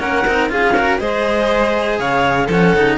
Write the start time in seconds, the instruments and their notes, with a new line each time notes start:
0.00 cello A#3 C#4, violin A#4, clarinet F#5
0.27 cello C4 D#4
0.50 cello C#4 F4, violin G#4, clarinet F5
0.76 cello F#4, violin A#4
0.99 cello G#3 G#4, violin C5, clarinet D#5
1.99 cello C#3, violin C#5, clarinet F5
2.47 cello F3 C#4, violin A4, clarinet F#5
2.74 cello C#3 D#4